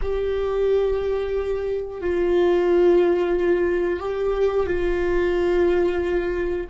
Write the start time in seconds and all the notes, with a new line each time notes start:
0.02 G4
2.00 F4
3.99 G4
4.66 F4